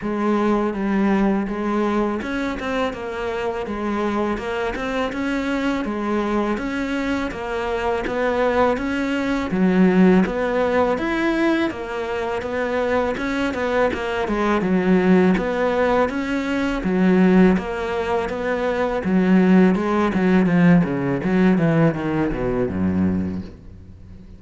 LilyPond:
\new Staff \with { instrumentName = "cello" } { \time 4/4 \tempo 4 = 82 gis4 g4 gis4 cis'8 c'8 | ais4 gis4 ais8 c'8 cis'4 | gis4 cis'4 ais4 b4 | cis'4 fis4 b4 e'4 |
ais4 b4 cis'8 b8 ais8 gis8 | fis4 b4 cis'4 fis4 | ais4 b4 fis4 gis8 fis8 | f8 cis8 fis8 e8 dis8 b,8 fis,4 | }